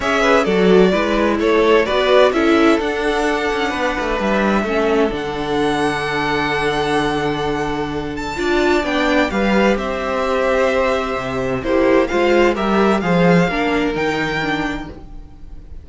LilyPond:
<<
  \new Staff \with { instrumentName = "violin" } { \time 4/4 \tempo 4 = 129 e''4 d''2 cis''4 | d''4 e''4 fis''2~ | fis''4 e''2 fis''4~ | fis''1~ |
fis''4. a''4. g''4 | f''4 e''2.~ | e''4 c''4 f''4 e''4 | f''2 g''2 | }
  \new Staff \with { instrumentName = "violin" } { \time 4/4 cis''8 b'8 a'4 b'4 a'4 | b'4 a'2. | b'2 a'2~ | a'1~ |
a'2 d''2 | b'4 c''2.~ | c''4 g'4 c''4 ais'4 | c''4 ais'2. | }
  \new Staff \with { instrumentName = "viola" } { \time 4/4 gis'4 fis'4 e'2 | fis'4 e'4 d'2~ | d'2 cis'4 d'4~ | d'1~ |
d'2 f'4 d'4 | g'1~ | g'4 e'4 f'4 g'4 | gis'4 d'4 dis'4 d'4 | }
  \new Staff \with { instrumentName = "cello" } { \time 4/4 cis'4 fis4 gis4 a4 | b4 cis'4 d'4. cis'8 | b8 a8 g4 a4 d4~ | d1~ |
d2 d'4 b4 | g4 c'2. | c4 ais4 gis4 g4 | f4 ais4 dis2 | }
>>